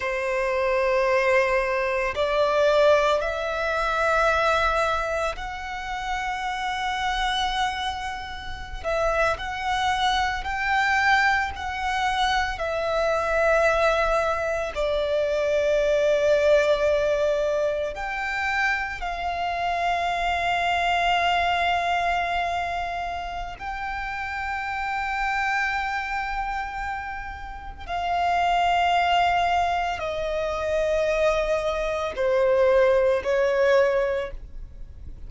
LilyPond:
\new Staff \with { instrumentName = "violin" } { \time 4/4 \tempo 4 = 56 c''2 d''4 e''4~ | e''4 fis''2.~ | fis''16 e''8 fis''4 g''4 fis''4 e''16~ | e''4.~ e''16 d''2~ d''16~ |
d''8. g''4 f''2~ f''16~ | f''2 g''2~ | g''2 f''2 | dis''2 c''4 cis''4 | }